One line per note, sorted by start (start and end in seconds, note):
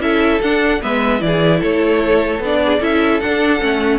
0.00 0.40 C#4
0.00 0.41 E4
0.00 0.81 A4
0.00 0.42 E5
0.42 0.83 D4
0.42 0.81 D4
0.42 0.82 F#5
0.81 1.22 G#3
0.81 1.20 B3
0.81 1.21 B4
0.81 1.22 E5
1.20 1.62 E3
1.20 2.40 E4
1.20 1.62 D5
1.27 1.60 G#4
1.60 2.39 A3
1.60 2.60 A4
1.60 2.43 C#5
2.39 2.79 B3
2.39 2.81 D4
2.39 2.84 D5
2.65 2.79 G#4
2.79 3.21 C#4
2.79 3.21 E4
2.79 3.99 A4
2.79 3.21 E5
3.21 3.60 D4
3.21 3.62 D4
3.21 3.99 F#5
3.60 3.99 A3
3.60 3.99 C#4